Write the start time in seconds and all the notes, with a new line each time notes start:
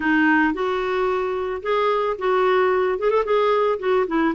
0.00 D#4
0.53 F#4
1.62 G#4
2.18 F#4
2.98 G#4
3.10 A4
3.24 G#4
3.79 F#4
4.07 E4